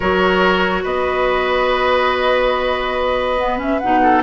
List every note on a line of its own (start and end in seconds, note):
0.00 0.84 F#3
0.00 3.38 F#4
0.00 0.83 A#4
0.00 0.84 C#5
0.83 3.80 B3
0.83 4.00 B4
0.83 3.59 D#5
3.38 3.58 B3
3.58 3.79 C#4
3.58 3.79 E5
3.79 4.23 B2
3.79 4.23 D#4
3.79 4.21 F#5
4.02 4.23 A4